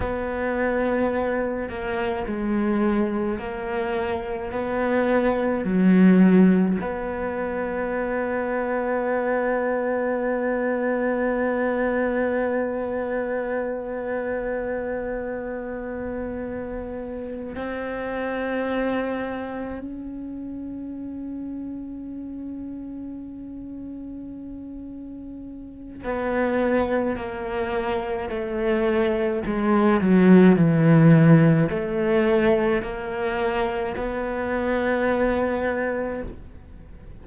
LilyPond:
\new Staff \with { instrumentName = "cello" } { \time 4/4 \tempo 4 = 53 b4. ais8 gis4 ais4 | b4 fis4 b2~ | b1~ | b2.~ b8 c'8~ |
c'4. cis'2~ cis'8~ | cis'2. b4 | ais4 a4 gis8 fis8 e4 | a4 ais4 b2 | }